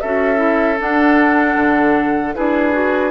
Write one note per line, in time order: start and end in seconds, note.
0.00 0.79 C#4
0.00 0.35 F#4
0.00 2.35 A4
0.00 0.78 E5
0.35 0.74 E4
0.79 1.56 D4
0.79 2.34 D4
0.79 2.35 F#5
1.56 2.34 D3
2.34 3.11 D4
2.34 2.72 E4
2.34 3.11 G#4
2.34 3.11 B4
2.72 3.11 F#4